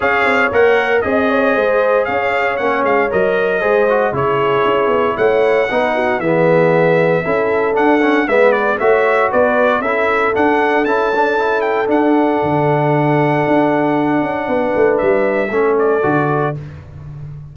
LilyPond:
<<
  \new Staff \with { instrumentName = "trumpet" } { \time 4/4 \tempo 4 = 116 f''4 fis''4 dis''2 | f''4 fis''8 f''8 dis''2 | cis''2 fis''2 | e''2. fis''4 |
e''8 d''8 e''4 d''4 e''4 | fis''4 a''4. g''8 fis''4~ | fis''1~ | fis''4 e''4. d''4. | }
  \new Staff \with { instrumentName = "horn" } { \time 4/4 cis''2 dis''8 cis''8 c''4 | cis''2. c''4 | gis'2 cis''4 b'8 fis'8 | gis'2 a'2 |
b'4 cis''4 b'4 a'4~ | a'1~ | a'1 | b'2 a'2 | }
  \new Staff \with { instrumentName = "trombone" } { \time 4/4 gis'4 ais'4 gis'2~ | gis'4 cis'4 ais'4 gis'8 fis'8 | e'2. dis'4 | b2 e'4 d'8 cis'8 |
b4 fis'2 e'4 | d'4 e'8 d'8 e'4 d'4~ | d'1~ | d'2 cis'4 fis'4 | }
  \new Staff \with { instrumentName = "tuba" } { \time 4/4 cis'8 c'8 ais4 c'4 gis4 | cis'4 ais8 gis8 fis4 gis4 | cis4 cis'8 b8 a4 b4 | e2 cis'4 d'4 |
gis4 a4 b4 cis'4 | d'4 cis'2 d'4 | d2 d'4. cis'8 | b8 a8 g4 a4 d4 | }
>>